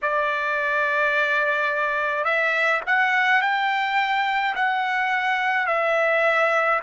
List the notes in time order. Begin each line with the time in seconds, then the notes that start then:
0.02 D5
2.24 E5
2.86 F#5
3.41 G5
4.55 F#5
5.67 E5